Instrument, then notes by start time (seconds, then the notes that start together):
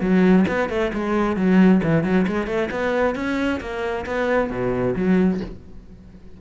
cello
0.00 F#3
0.48 B3
0.69 A3
0.93 G#3
1.36 F#3
1.83 E3
2.04 F#3
2.27 G#3
2.47 A3
2.70 B3
3.15 C#4
3.60 A#3
4.06 B3
4.50 B2
4.95 F#3